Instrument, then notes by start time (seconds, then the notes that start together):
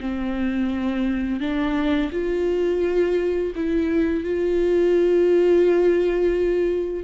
viola
0.00 C4
1.40 D4
2.11 F4
3.55 E4
4.24 F4